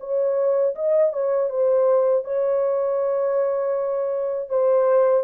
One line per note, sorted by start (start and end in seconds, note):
0.00 0.75 C#5
0.75 1.12 D#5
1.13 1.49 C#5
1.49 2.24 C5
2.24 4.49 C#5
4.49 5.24 C5